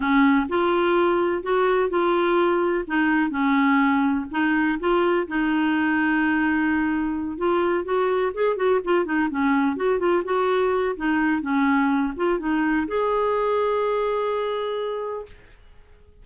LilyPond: \new Staff \with { instrumentName = "clarinet" } { \time 4/4 \tempo 4 = 126 cis'4 f'2 fis'4 | f'2 dis'4 cis'4~ | cis'4 dis'4 f'4 dis'4~ | dis'2.~ dis'8 f'8~ |
f'8 fis'4 gis'8 fis'8 f'8 dis'8 cis'8~ | cis'8 fis'8 f'8 fis'4. dis'4 | cis'4. f'8 dis'4 gis'4~ | gis'1 | }